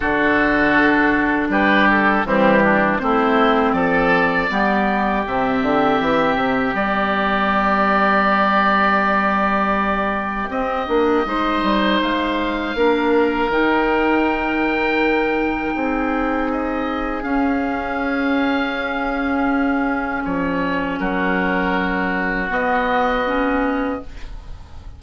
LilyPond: <<
  \new Staff \with { instrumentName = "oboe" } { \time 4/4 \tempo 4 = 80 a'2 b'8 a'8 g'4 | c''4 d''2 e''4~ | e''4 d''2.~ | d''2 dis''2 |
f''2 g''2~ | g''2 dis''4 f''4~ | f''2. cis''4 | ais'2 dis''2 | }
  \new Staff \with { instrumentName = "oboe" } { \time 4/4 fis'2 g'4 c'8 d'8 | e'4 a'4 g'2~ | g'1~ | g'2. c''4~ |
c''4 ais'2.~ | ais'4 gis'2.~ | gis'1 | fis'1 | }
  \new Staff \with { instrumentName = "clarinet" } { \time 4/4 d'2. g4 | c'2 b4 c'4~ | c'4 b2.~ | b2 c'8 d'8 dis'4~ |
dis'4 d'4 dis'2~ | dis'2. cis'4~ | cis'1~ | cis'2 b4 cis'4 | }
  \new Staff \with { instrumentName = "bassoon" } { \time 4/4 d2 g4 e4 | a4 f4 g4 c8 d8 | e8 c8 g2.~ | g2 c'8 ais8 gis8 g8 |
gis4 ais4 dis2~ | dis4 c'2 cis'4~ | cis'2. f4 | fis2 b2 | }
>>